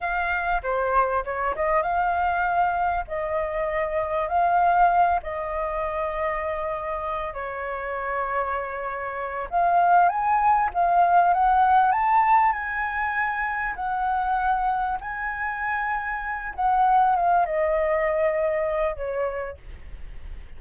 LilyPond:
\new Staff \with { instrumentName = "flute" } { \time 4/4 \tempo 4 = 98 f''4 c''4 cis''8 dis''8 f''4~ | f''4 dis''2 f''4~ | f''8 dis''2.~ dis''8 | cis''2.~ cis''8 f''8~ |
f''8 gis''4 f''4 fis''4 a''8~ | a''8 gis''2 fis''4.~ | fis''8 gis''2~ gis''8 fis''4 | f''8 dis''2~ dis''8 cis''4 | }